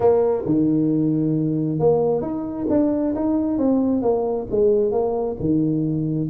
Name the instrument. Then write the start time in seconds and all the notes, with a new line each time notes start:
tuba
0.00 A#3
0.45 D#3
1.79 A#3
2.21 D#4
2.69 D4
3.15 D#4
3.57 C4
4.02 A#3
4.50 G#3
4.91 A#3
5.39 D#3